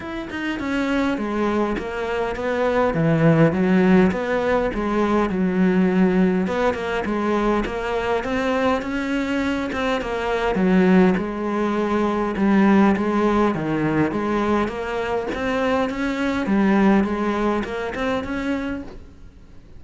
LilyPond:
\new Staff \with { instrumentName = "cello" } { \time 4/4 \tempo 4 = 102 e'8 dis'8 cis'4 gis4 ais4 | b4 e4 fis4 b4 | gis4 fis2 b8 ais8 | gis4 ais4 c'4 cis'4~ |
cis'8 c'8 ais4 fis4 gis4~ | gis4 g4 gis4 dis4 | gis4 ais4 c'4 cis'4 | g4 gis4 ais8 c'8 cis'4 | }